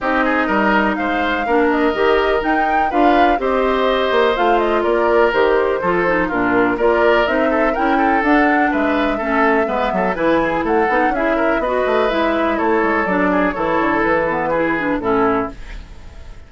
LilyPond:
<<
  \new Staff \with { instrumentName = "flute" } { \time 4/4 \tempo 4 = 124 dis''2 f''4. dis''8~ | dis''4 g''4 f''4 dis''4~ | dis''4 f''8 dis''8 d''4 c''4~ | c''4 ais'4 d''4 e''4 |
g''4 fis''4 e''2~ | e''4 gis''4 fis''4 e''4 | dis''4 e''4 cis''4 d''4 | cis''4 b'2 a'4 | }
  \new Staff \with { instrumentName = "oboe" } { \time 4/4 g'8 gis'8 ais'4 c''4 ais'4~ | ais'2 b'4 c''4~ | c''2 ais'2 | a'4 f'4 ais'4. a'8 |
ais'8 a'4. b'4 a'4 | b'8 a'8 b'8 gis'8 a'4 gis'8 ais'8 | b'2 a'4. gis'8 | a'2 gis'4 e'4 | }
  \new Staff \with { instrumentName = "clarinet" } { \time 4/4 dis'2. d'4 | g'4 dis'4 f'4 g'4~ | g'4 f'2 g'4 | f'8 dis'8 d'4 f'4 dis'4 |
e'4 d'2 cis'4 | b4 e'4. dis'8 e'4 | fis'4 e'2 d'4 | e'4. b8 e'8 d'8 cis'4 | }
  \new Staff \with { instrumentName = "bassoon" } { \time 4/4 c'4 g4 gis4 ais4 | dis4 dis'4 d'4 c'4~ | c'8 ais8 a4 ais4 dis4 | f4 ais,4 ais4 c'4 |
cis'4 d'4 gis4 a4 | gis8 fis8 e4 a8 b8 cis'4 | b8 a8 gis4 a8 gis8 fis4 | e8 d8 e2 a,4 | }
>>